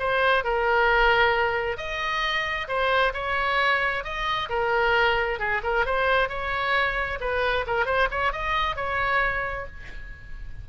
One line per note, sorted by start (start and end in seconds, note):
0.00 0.45 C5
0.45 1.78 A#4
1.78 2.68 D#5
2.68 3.13 C5
3.14 4.04 C#5
4.04 4.49 D#5
4.50 5.40 A#4
5.40 5.62 G#4
5.64 5.86 A#4
5.86 6.29 C5
6.29 7.19 C#5
7.21 7.66 B4
7.67 7.86 A#4
7.86 8.09 C5
8.11 8.33 C#5
8.33 8.77 D#5
8.77 9.67 C#5